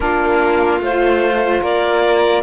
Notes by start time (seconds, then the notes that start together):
0.00 A#3 D4 F4 A#4
0.80 A3 F4 C5
1.61 A#3 A#4 D5